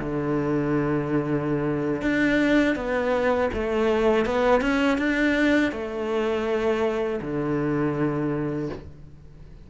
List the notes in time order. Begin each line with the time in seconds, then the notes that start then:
0.00 D3
2.02 D4
2.76 B3
3.54 A3
4.26 B3
4.61 C#4
4.98 D4
5.72 A3
7.21 D3